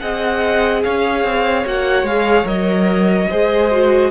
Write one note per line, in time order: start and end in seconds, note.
0.00 0.85 C4
0.00 1.65 G#4
0.00 0.84 D#5
0.00 0.82 F#5
0.84 1.24 C#4
0.84 3.30 C#5
0.84 1.66 F5
1.24 1.65 C4
1.65 2.03 A#3
1.65 2.07 F#4
1.65 2.07 F#5
2.03 2.45 G#3
2.03 2.46 G#4
2.03 2.47 F5
2.45 3.28 F#3
2.45 3.28 A#4
2.45 4.11 D#5
3.30 4.11 G#3
3.30 3.72 G#4
3.30 4.11 C5
3.72 4.11 F#4